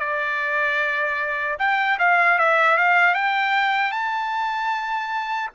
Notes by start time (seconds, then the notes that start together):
0.00 D5
1.59 G5
1.99 F5
2.39 E5
2.78 F5
3.15 G5
3.92 A5